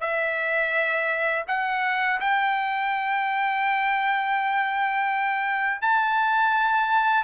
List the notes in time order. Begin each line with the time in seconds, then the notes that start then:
0.00 E5
1.48 F#5
2.20 G5
5.81 A5